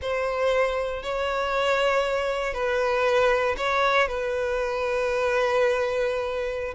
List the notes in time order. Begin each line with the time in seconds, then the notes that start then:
0.01 C5
1.02 C#5
2.53 B4
3.57 C#5
4.07 B4